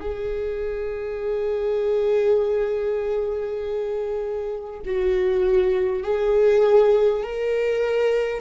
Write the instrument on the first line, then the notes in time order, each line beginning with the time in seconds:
viola
0.00 G#4
4.85 F#4
6.03 G#4
7.23 A#4